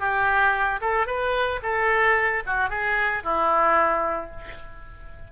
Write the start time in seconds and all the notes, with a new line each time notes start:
0.00 G4
0.81 A4
1.07 B4
1.63 A4
2.46 F#4
2.70 G#4
3.24 E4